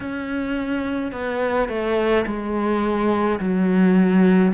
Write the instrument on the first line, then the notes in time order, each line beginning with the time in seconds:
cello
0.00 C#4
1.12 B3
1.68 A3
2.26 G#3
3.39 F#3